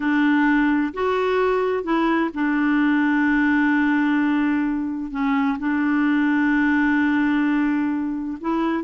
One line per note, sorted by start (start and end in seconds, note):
0.00 0.93 D4
0.93 1.83 F#4
1.83 2.30 E4
2.34 5.11 D4
5.11 5.57 C#4
5.58 8.37 D4
8.40 8.83 E4